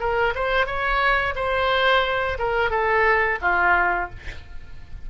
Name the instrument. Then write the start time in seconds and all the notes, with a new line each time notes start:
oboe
0.00 A#4
0.35 C5
0.66 C#5
1.35 C5
2.39 A#4
2.71 A4
3.42 F4